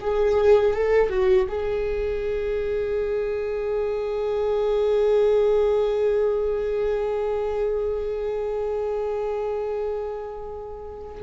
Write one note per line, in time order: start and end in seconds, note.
0.00 0.73 G#4
0.73 1.09 A4
1.09 1.47 F#4
1.48 11.22 G#4